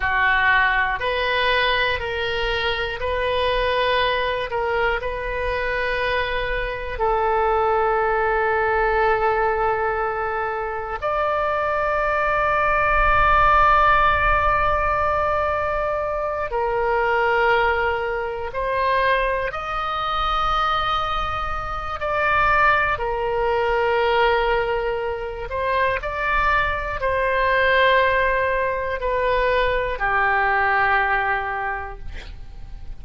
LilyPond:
\new Staff \with { instrumentName = "oboe" } { \time 4/4 \tempo 4 = 60 fis'4 b'4 ais'4 b'4~ | b'8 ais'8 b'2 a'4~ | a'2. d''4~ | d''1~ |
d''8 ais'2 c''4 dis''8~ | dis''2 d''4 ais'4~ | ais'4. c''8 d''4 c''4~ | c''4 b'4 g'2 | }